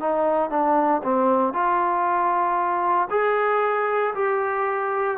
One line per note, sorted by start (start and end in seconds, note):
0.00 0.50 D#4
0.50 1.02 D4
1.03 1.53 C4
1.53 3.08 F4
3.10 4.14 G#4
4.15 5.18 G4